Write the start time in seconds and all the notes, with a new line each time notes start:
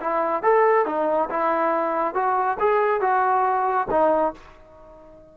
0.00 E4
0.43 A4
0.85 D#4
1.30 E4
2.14 F#4
2.59 G#4
3.01 F#4
3.90 D#4